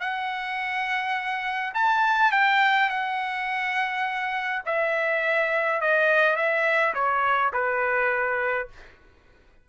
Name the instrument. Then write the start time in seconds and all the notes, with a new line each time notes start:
trumpet
0.00 F#5
1.74 A5
2.31 G5
2.89 F#5
4.65 E5
5.81 D#5
6.36 E5
6.94 C#5
7.53 B4